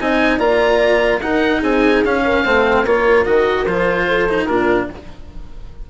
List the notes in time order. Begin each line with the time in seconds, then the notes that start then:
0.00 C4 D#4 D#5 G#5
0.39 A#3 F4 D5 A#5
1.21 D#4 A#4 F#5
1.60 C4 G#4 G#5
2.05 C#4 F5
2.24 A#4
2.44 A3 C4 C5
2.85 A#3 F4 A#4 C#5
3.25 D#3 F#4 D#5
3.66 F3 F4 C5
4.07 A4
4.29 D#4
4.46 A#2 D4 F4 A#4